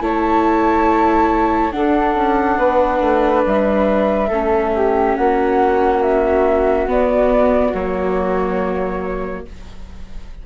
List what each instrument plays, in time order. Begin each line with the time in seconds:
0.00 bassoon A3, viola E4, flute C#5 A5
1.71 viola D4, bassoon D4, flute A4 F#5
2.15 bassoon C#4
2.56 bassoon B3, flute B4
3.01 bassoon A3
3.45 bassoon G3, flute E5
4.28 bassoon A3, viola C#4, flute A4
4.75 flute G4
5.16 bassoon A#3, flute F#4 F#5
6.02 flute E5
6.87 bassoon B3, viola B3, flute D5
7.73 bassoon F#3, viola A#3, flute C#5